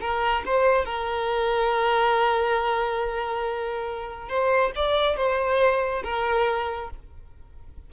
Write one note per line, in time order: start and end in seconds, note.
0.00 0.43 A#4
0.45 0.85 C5
0.85 4.28 A#4
4.28 4.71 C5
4.75 5.16 D5
5.16 6.03 C5
6.03 6.90 A#4